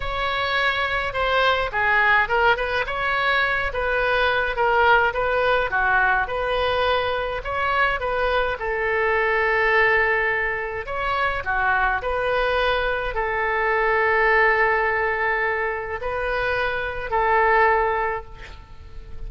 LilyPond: \new Staff \with { instrumentName = "oboe" } { \time 4/4 \tempo 4 = 105 cis''2 c''4 gis'4 | ais'8 b'8 cis''4. b'4. | ais'4 b'4 fis'4 b'4~ | b'4 cis''4 b'4 a'4~ |
a'2. cis''4 | fis'4 b'2 a'4~ | a'1 | b'2 a'2 | }